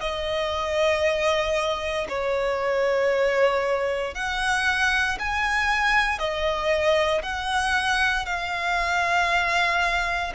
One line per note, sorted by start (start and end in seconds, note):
0.00 2.07 D#5
2.08 4.14 C#5
4.14 5.18 F#5
5.19 6.18 G#5
6.18 7.22 D#5
7.22 8.26 F#5
8.26 10.33 F5